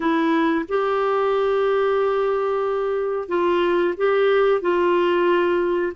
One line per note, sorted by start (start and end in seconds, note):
0.00 0.65 E4
0.68 3.28 G4
3.28 3.94 F4
3.97 4.61 G4
4.61 5.93 F4